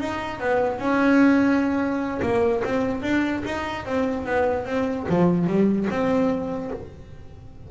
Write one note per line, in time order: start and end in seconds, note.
0.00 0.40 D#4
0.40 0.79 B3
0.79 2.21 C#4
2.22 2.63 A#3
2.64 3.03 C4
3.03 3.43 D4
3.45 3.86 D#4
3.86 4.26 C4
4.26 4.66 B3
4.66 5.06 C4
5.09 5.47 F3
5.47 5.88 G3
5.90 6.71 C4